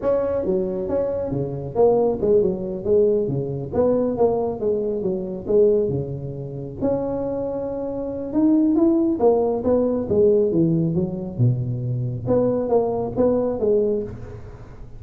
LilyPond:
\new Staff \with { instrumentName = "tuba" } { \time 4/4 \tempo 4 = 137 cis'4 fis4 cis'4 cis4 | ais4 gis8 fis4 gis4 cis8~ | cis8 b4 ais4 gis4 fis8~ | fis8 gis4 cis2 cis'8~ |
cis'2. dis'4 | e'4 ais4 b4 gis4 | e4 fis4 b,2 | b4 ais4 b4 gis4 | }